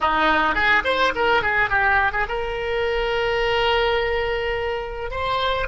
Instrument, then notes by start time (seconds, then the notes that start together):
oboe
0.01 D#4
0.54 G#4
0.84 C5
1.15 A#4
1.42 G#4
1.69 G4
2.12 G#4
2.28 A#4
5.10 C5